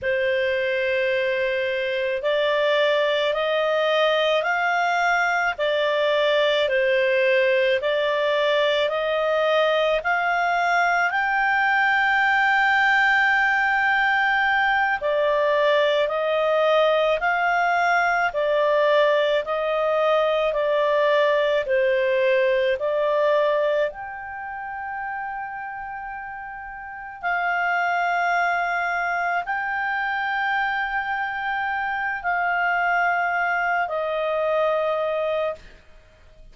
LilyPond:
\new Staff \with { instrumentName = "clarinet" } { \time 4/4 \tempo 4 = 54 c''2 d''4 dis''4 | f''4 d''4 c''4 d''4 | dis''4 f''4 g''2~ | g''4. d''4 dis''4 f''8~ |
f''8 d''4 dis''4 d''4 c''8~ | c''8 d''4 g''2~ g''8~ | g''8 f''2 g''4.~ | g''4 f''4. dis''4. | }